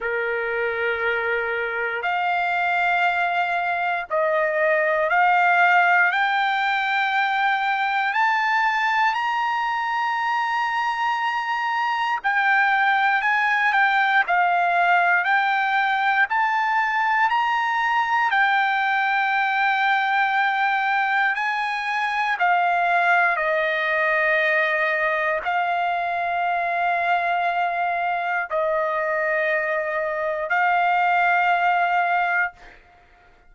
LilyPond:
\new Staff \with { instrumentName = "trumpet" } { \time 4/4 \tempo 4 = 59 ais'2 f''2 | dis''4 f''4 g''2 | a''4 ais''2. | g''4 gis''8 g''8 f''4 g''4 |
a''4 ais''4 g''2~ | g''4 gis''4 f''4 dis''4~ | dis''4 f''2. | dis''2 f''2 | }